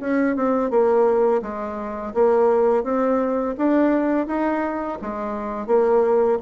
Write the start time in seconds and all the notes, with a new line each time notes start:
0.00 C#4
0.36 C4
0.70 A#3
1.42 G#3
2.14 A#3
2.83 C4
3.57 D4
4.27 D#4
5.01 G#3
5.67 A#3